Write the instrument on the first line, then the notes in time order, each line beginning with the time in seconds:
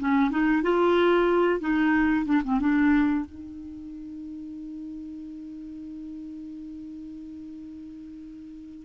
clarinet
0.00 C#4
0.31 D#4
0.63 F4
1.61 D#4
2.26 D4
2.45 C4
2.60 D4
3.26 D#4